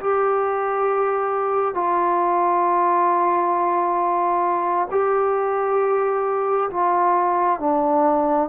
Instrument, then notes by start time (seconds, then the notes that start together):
trombone
0.00 G4
1.75 F4
4.91 G4
6.71 F4
7.60 D4